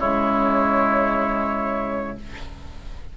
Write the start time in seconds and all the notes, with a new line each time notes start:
0.00 C#3 G#3 E4 C#5